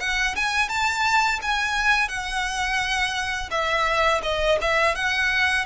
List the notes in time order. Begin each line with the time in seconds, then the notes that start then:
0.00 F#5
0.36 G#5
0.69 A5
1.42 G#5
2.09 F#5
3.51 E5
4.23 D#5
4.62 E5
4.95 F#5